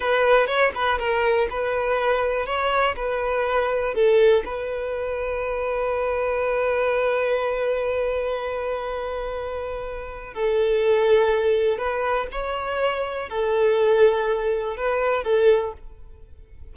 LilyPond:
\new Staff \with { instrumentName = "violin" } { \time 4/4 \tempo 4 = 122 b'4 cis''8 b'8 ais'4 b'4~ | b'4 cis''4 b'2 | a'4 b'2.~ | b'1~ |
b'1~ | b'4 a'2. | b'4 cis''2 a'4~ | a'2 b'4 a'4 | }